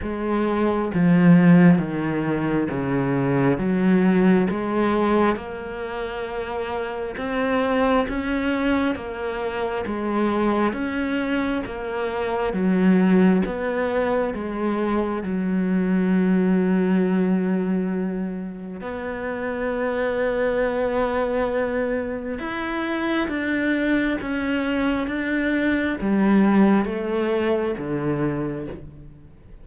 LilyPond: \new Staff \with { instrumentName = "cello" } { \time 4/4 \tempo 4 = 67 gis4 f4 dis4 cis4 | fis4 gis4 ais2 | c'4 cis'4 ais4 gis4 | cis'4 ais4 fis4 b4 |
gis4 fis2.~ | fis4 b2.~ | b4 e'4 d'4 cis'4 | d'4 g4 a4 d4 | }